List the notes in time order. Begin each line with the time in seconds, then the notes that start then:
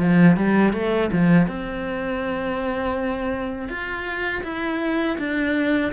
0.00 F3
0.37 G3
0.74 A3
1.13 F3
1.48 C4
3.69 F4
4.44 E4
5.19 D4